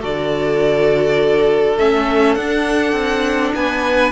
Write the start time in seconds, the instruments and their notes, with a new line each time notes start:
0.00 cello D3, viola F#4, violin A4 D5
1.77 cello A3, viola C#4, violin E5
2.34 cello D4, viola D4, violin F#5
2.92 cello C4
3.54 cello B3, violin B4 G#5